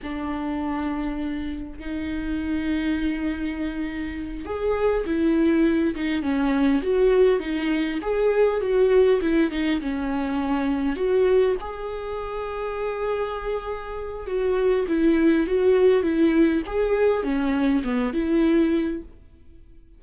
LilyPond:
\new Staff \with { instrumentName = "viola" } { \time 4/4 \tempo 4 = 101 d'2. dis'4~ | dis'2.~ dis'8 gis'8~ | gis'8 e'4. dis'8 cis'4 fis'8~ | fis'8 dis'4 gis'4 fis'4 e'8 |
dis'8 cis'2 fis'4 gis'8~ | gis'1 | fis'4 e'4 fis'4 e'4 | gis'4 cis'4 b8 e'4. | }